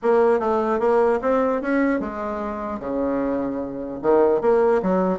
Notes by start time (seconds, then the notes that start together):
0.02 A#3
0.39 A3
0.79 A#3
1.21 C4
1.61 C#4
2.00 G#3
2.79 C#3
4.02 D#3
4.41 A#3
4.82 F#3